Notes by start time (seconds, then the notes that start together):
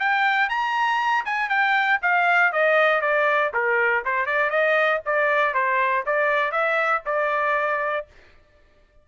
0.00 G5
0.50 A#5
1.25 G#5
1.49 G5
2.02 F5
2.53 D#5
3.01 D5
3.54 A#4
4.05 C5
4.26 D5
4.50 D#5
5.06 D5
5.54 C5
6.06 D5
6.52 E5
7.06 D5